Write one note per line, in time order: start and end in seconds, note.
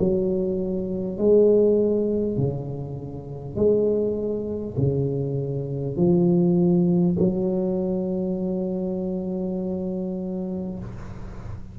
0.00 1.18 F#3
1.18 2.38 G#3
2.38 3.56 C#3
3.56 4.76 G#3
4.78 5.97 C#3
5.97 7.17 F3
7.19 10.79 F#3